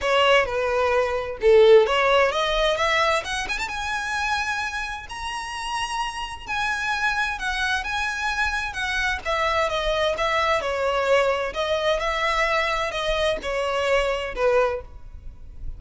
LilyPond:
\new Staff \with { instrumentName = "violin" } { \time 4/4 \tempo 4 = 130 cis''4 b'2 a'4 | cis''4 dis''4 e''4 fis''8 gis''16 a''16 | gis''2. ais''4~ | ais''2 gis''2 |
fis''4 gis''2 fis''4 | e''4 dis''4 e''4 cis''4~ | cis''4 dis''4 e''2 | dis''4 cis''2 b'4 | }